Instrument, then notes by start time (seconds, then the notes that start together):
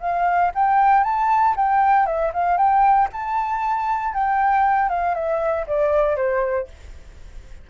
flute
0.00 F5
0.54 G5
1.03 A5
1.56 G5
2.06 E5
2.33 F5
2.57 G5
3.12 A5
4.14 G5
4.89 F5
5.14 E5
5.66 D5
6.16 C5